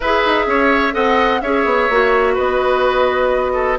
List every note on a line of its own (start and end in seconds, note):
0.00 0.25 E4
0.00 0.92 G#4
0.00 0.45 B4
0.00 0.94 E5
0.25 0.46 D#4
0.46 0.93 C#4
0.46 0.94 C#5
0.92 1.41 C4
0.92 1.39 A4
0.92 1.41 D#5
0.92 1.41 F#5
1.41 1.65 C#4
1.41 1.91 G#4
1.41 2.34 C#5
1.41 2.35 E5
1.65 1.88 B3
1.89 2.37 A#3
1.89 3.78 F#4
2.34 3.78 B3
2.34 3.52 B4
2.34 3.78 D#5
3.53 3.77 A4